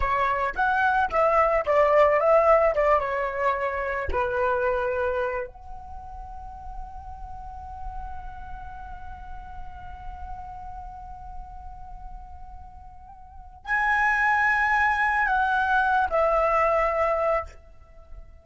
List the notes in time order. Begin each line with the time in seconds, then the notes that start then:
0.00 C#5
0.55 F#5
1.10 E5
1.66 D5
2.19 E5
2.74 D5
2.99 C#5
4.11 B4
5.47 F#5
13.64 G#5
15.26 F#5
16.09 E5